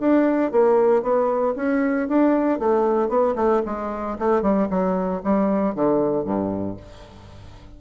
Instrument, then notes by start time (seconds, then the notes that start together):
bassoon
0.00 D4
0.51 A#3
1.02 B3
1.56 C#4
2.08 D4
2.59 A3
3.09 B3
3.36 A3
3.65 G#3
4.18 A3
4.42 G3
4.70 F#3
5.24 G3
5.75 D3
6.24 G2